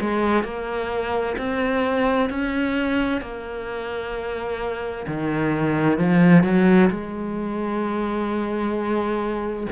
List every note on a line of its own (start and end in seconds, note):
0.00 0.43 G#3
0.43 1.36 A#3
1.37 2.29 C4
2.29 3.21 C#4
3.21 5.06 A#3
5.07 5.98 D#3
5.98 6.43 F3
6.43 6.89 F#3
6.89 9.66 G#3